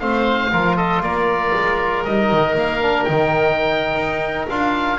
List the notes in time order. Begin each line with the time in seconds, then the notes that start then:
0.00 A3 C4 C5 F5
0.52 F3 F4 A#4
0.77 A4 D#5
1.01 A#3 A#4 D5
1.54 G#3
2.04 G3 D#4 D#5
2.32 D#3
2.55 A#3 F5
2.82 D4
3.05 D#3 D#4 G5
3.96 D#4
4.50 D4 F4 F5